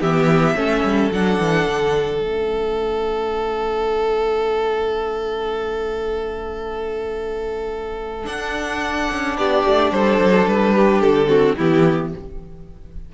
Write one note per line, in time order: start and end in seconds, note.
0.00 0.54 E3
0.00 0.56 B3
0.00 0.55 G4
0.00 1.11 E5
0.54 0.82 A3
0.54 1.11 C#4
0.54 9.37 A4
0.82 1.10 G3
1.11 1.38 F#3
1.11 2.22 D4
1.11 2.21 F#5
1.38 1.66 E3
1.67 2.21 D3
2.21 8.26 A3
2.21 8.24 C#4
2.21 8.26 E5
8.24 11.26 D4
8.24 9.09 D4
8.24 9.36 F#5
9.11 9.37 C#4
9.37 9.65 B3
9.37 9.93 G4
9.37 9.92 D5
9.65 9.91 A3
9.91 10.18 G3
9.91 10.74 A4
9.91 10.47 C5
10.18 10.46 F#3
10.47 11.02 G3
10.47 11.00 B4
10.74 11.28 G4
11.00 11.57 D3
11.00 11.55 A4
11.26 11.54 C4
11.26 11.56 F#4
11.56 12.14 E3
11.56 12.14 B3
11.56 12.11 E4
11.56 12.13 G4